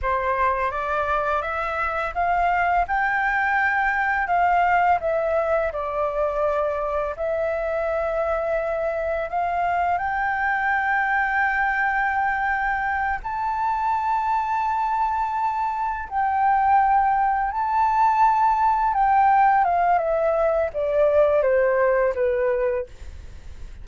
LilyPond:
\new Staff \with { instrumentName = "flute" } { \time 4/4 \tempo 4 = 84 c''4 d''4 e''4 f''4 | g''2 f''4 e''4 | d''2 e''2~ | e''4 f''4 g''2~ |
g''2~ g''8 a''4.~ | a''2~ a''8 g''4.~ | g''8 a''2 g''4 f''8 | e''4 d''4 c''4 b'4 | }